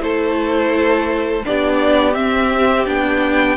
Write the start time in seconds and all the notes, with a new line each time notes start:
0.00 A3 E4 A4 C5
1.45 B3 D4 G4 D5
2.14 C4 E5
2.86 B3 D4 G5